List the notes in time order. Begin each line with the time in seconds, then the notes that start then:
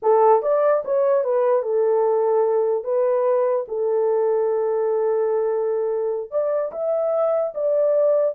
0.02 A4
0.42 D5
0.84 C#5
1.24 B4
1.62 A4
2.83 B4
3.68 A4
6.30 D5
6.71 E5
7.54 D5